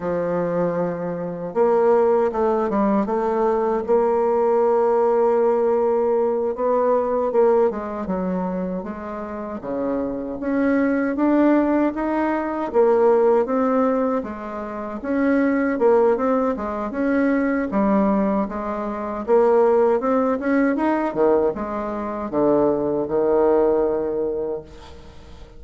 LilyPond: \new Staff \with { instrumentName = "bassoon" } { \time 4/4 \tempo 4 = 78 f2 ais4 a8 g8 | a4 ais2.~ | ais8 b4 ais8 gis8 fis4 gis8~ | gis8 cis4 cis'4 d'4 dis'8~ |
dis'8 ais4 c'4 gis4 cis'8~ | cis'8 ais8 c'8 gis8 cis'4 g4 | gis4 ais4 c'8 cis'8 dis'8 dis8 | gis4 d4 dis2 | }